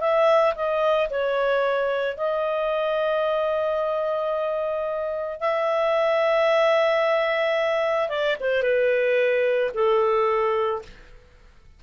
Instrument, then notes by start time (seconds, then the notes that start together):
clarinet
0.00 E5
0.55 D#5
1.10 C#5
2.17 D#5
5.40 E5
8.09 D5
8.40 C5
8.63 B4
9.74 A4